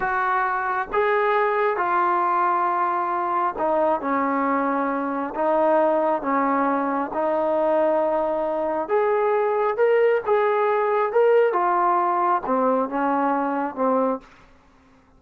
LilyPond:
\new Staff \with { instrumentName = "trombone" } { \time 4/4 \tempo 4 = 135 fis'2 gis'2 | f'1 | dis'4 cis'2. | dis'2 cis'2 |
dis'1 | gis'2 ais'4 gis'4~ | gis'4 ais'4 f'2 | c'4 cis'2 c'4 | }